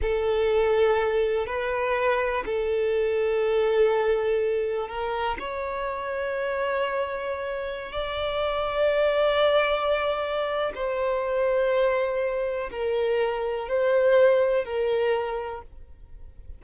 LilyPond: \new Staff \with { instrumentName = "violin" } { \time 4/4 \tempo 4 = 123 a'2. b'4~ | b'4 a'2.~ | a'2 ais'4 cis''4~ | cis''1~ |
cis''16 d''2.~ d''8.~ | d''2 c''2~ | c''2 ais'2 | c''2 ais'2 | }